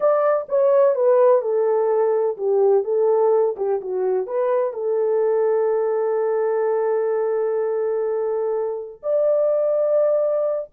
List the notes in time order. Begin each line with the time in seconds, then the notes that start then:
0.00 D5
0.48 C#5
0.95 B4
1.41 A4
2.37 G4
2.84 A4
3.56 G4
3.81 F#4
4.26 B4
4.73 A4
9.03 D5